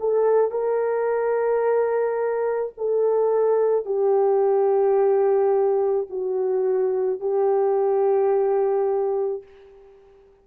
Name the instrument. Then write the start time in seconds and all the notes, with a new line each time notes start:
horn
0.00 A4
0.51 A#4
2.77 A4
3.85 G4
6.10 F#4
7.20 G4